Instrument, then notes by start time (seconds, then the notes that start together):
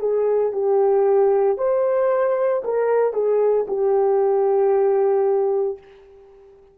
horn
0.00 G#4
0.53 G4
1.58 C5
2.65 A#4
3.13 G#4
3.68 G4